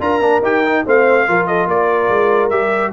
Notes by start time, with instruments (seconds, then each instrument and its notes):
0.00 tuba D4, trombone F4, horn A#4, trumpet A#5
0.20 tuba A#3, trombone D4
0.42 tuba D#4, trombone G4, trumpet G5
0.65 trombone D#4
0.86 tuba A3, trombone C4, horn C5, trumpet F5
1.27 tuba F3, trombone F4, horn A#4
1.47 horn A4, trumpet D#5
1.67 tuba A#3, horn A#4, trumpet D5
2.09 tuba G#3
2.50 tuba G3, trombone G4, trumpet E5